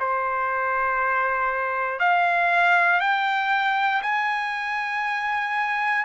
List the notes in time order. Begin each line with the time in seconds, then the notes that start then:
0.00 C5
1.99 F5
3.00 G5
4.02 G#5